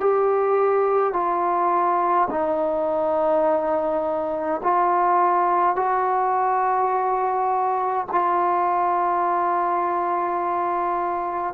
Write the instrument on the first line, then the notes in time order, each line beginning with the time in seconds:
trombone
0.00 G4
1.13 F4
2.30 D#4
4.63 F4
5.75 F#4
8.11 F4